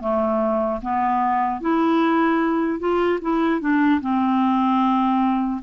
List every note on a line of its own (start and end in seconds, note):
0.00 0.80 A3
0.82 1.61 B3
1.61 2.80 E4
2.80 3.20 F4
3.21 3.60 E4
3.60 4.00 D4
4.01 5.61 C4